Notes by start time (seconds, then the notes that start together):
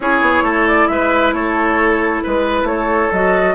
0.00 C#4 E4 G#4 C#5
0.21 B3
0.42 A3 A4
0.67 D5
0.87 G#3 B4 E5
1.32 A3 A4 C#5
2.23 G#3 B4
2.63 A3 C#5
2.69 A4
3.11 F#3 F#4 D#5